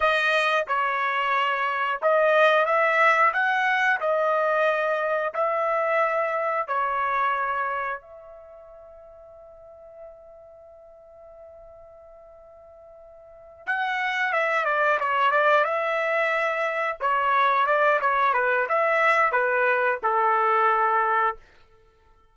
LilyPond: \new Staff \with { instrumentName = "trumpet" } { \time 4/4 \tempo 4 = 90 dis''4 cis''2 dis''4 | e''4 fis''4 dis''2 | e''2 cis''2 | e''1~ |
e''1~ | e''8 fis''4 e''8 d''8 cis''8 d''8 e''8~ | e''4. cis''4 d''8 cis''8 b'8 | e''4 b'4 a'2 | }